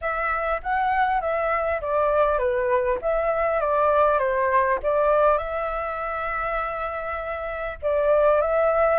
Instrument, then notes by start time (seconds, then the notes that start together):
flute
0.01 E5
0.62 F#5
1.20 E5
1.81 D5
2.38 B4
3.01 E5
3.60 D5
4.18 C5
4.82 D5
5.38 E5
7.82 D5
8.41 E5